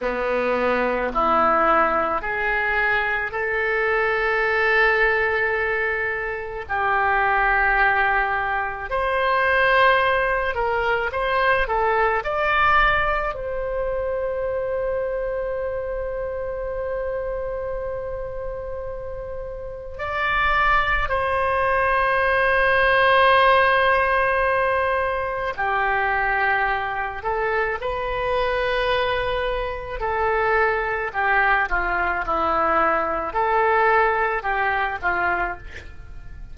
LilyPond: \new Staff \with { instrumentName = "oboe" } { \time 4/4 \tempo 4 = 54 b4 e'4 gis'4 a'4~ | a'2 g'2 | c''4. ais'8 c''8 a'8 d''4 | c''1~ |
c''2 d''4 c''4~ | c''2. g'4~ | g'8 a'8 b'2 a'4 | g'8 f'8 e'4 a'4 g'8 f'8 | }